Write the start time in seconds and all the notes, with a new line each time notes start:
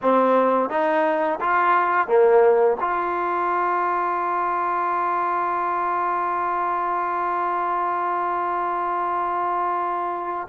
0.02 C4
0.69 D#4
1.40 F4
2.07 A#3
2.80 F4